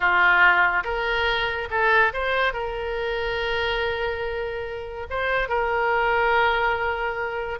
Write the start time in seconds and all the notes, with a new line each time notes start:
0.00 F4
0.83 A#4
1.70 A4
2.13 C5
2.53 A#4
5.10 C5
5.48 A#4